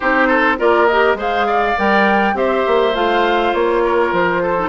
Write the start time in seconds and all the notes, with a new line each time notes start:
0.00 C4 D#4 G4 C5
0.27 A4
0.58 A#3 F4 A#4 D5
0.86 G4 D#5
1.14 G#3 G#4 C5
1.20 F5
1.46 D5
1.77 G3 A#4 G5
2.33 C4 G4 C5 E5
2.67 A#3
2.94 A3 F4 F5
3.53 A#3 C#5
3.83 A#4
4.12 F3 C5
4.42 A4
4.57 D#4